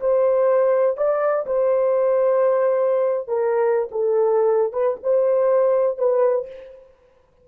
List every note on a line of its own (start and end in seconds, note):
0.00 0.97 C5
0.97 1.46 D5
1.46 3.28 C5
3.28 3.89 A#4
3.91 4.73 A4
4.73 4.97 B4
5.03 5.98 C5
5.98 6.47 B4